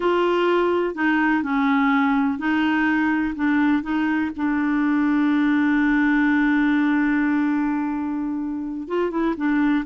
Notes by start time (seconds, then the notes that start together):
0.00 F4
0.94 D#4
1.43 C#4
2.38 D#4
3.35 D4
3.82 D#4
4.36 D4
8.88 F4
9.10 E4
9.36 D4